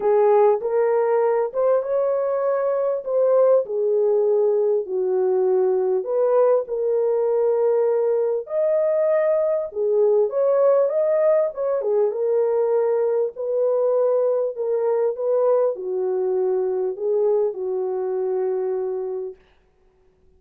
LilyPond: \new Staff \with { instrumentName = "horn" } { \time 4/4 \tempo 4 = 99 gis'4 ais'4. c''8 cis''4~ | cis''4 c''4 gis'2 | fis'2 b'4 ais'4~ | ais'2 dis''2 |
gis'4 cis''4 dis''4 cis''8 gis'8 | ais'2 b'2 | ais'4 b'4 fis'2 | gis'4 fis'2. | }